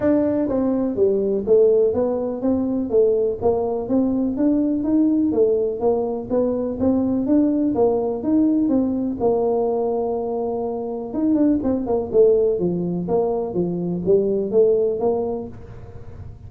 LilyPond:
\new Staff \with { instrumentName = "tuba" } { \time 4/4 \tempo 4 = 124 d'4 c'4 g4 a4 | b4 c'4 a4 ais4 | c'4 d'4 dis'4 a4 | ais4 b4 c'4 d'4 |
ais4 dis'4 c'4 ais4~ | ais2. dis'8 d'8 | c'8 ais8 a4 f4 ais4 | f4 g4 a4 ais4 | }